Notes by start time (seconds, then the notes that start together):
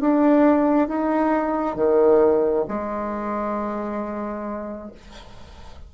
0.00 D4
0.88 D#4
1.75 D#3
2.67 G#3